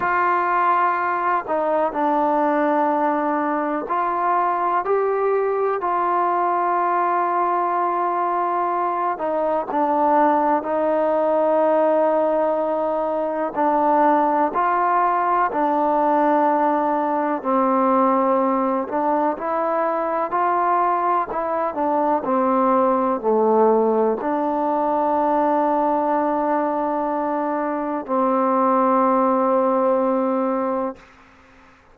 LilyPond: \new Staff \with { instrumentName = "trombone" } { \time 4/4 \tempo 4 = 62 f'4. dis'8 d'2 | f'4 g'4 f'2~ | f'4. dis'8 d'4 dis'4~ | dis'2 d'4 f'4 |
d'2 c'4. d'8 | e'4 f'4 e'8 d'8 c'4 | a4 d'2.~ | d'4 c'2. | }